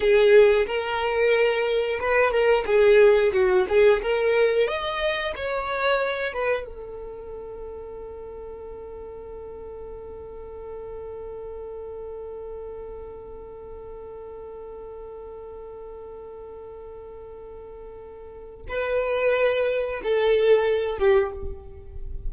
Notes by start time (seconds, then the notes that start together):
0.00 G#4
0.66 A#4
2.00 B4
2.31 A#4
2.65 G#4
3.32 F#4
3.68 G#4
4.02 A#4
4.67 D#5
5.35 C#5
6.33 B4
6.65 A4
18.68 B4
20.02 A4
20.98 G4